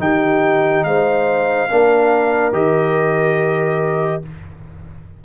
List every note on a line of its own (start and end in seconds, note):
0.00 0.85 D#3
0.00 1.69 D#4
0.00 0.87 G4
0.00 0.84 G5
0.84 1.69 G#3
0.84 1.71 C5
0.84 2.53 F5
1.70 2.52 A#3
1.70 2.53 D4
1.70 4.25 A#4
2.52 4.21 D#3
2.52 4.22 G4
2.52 4.23 D#5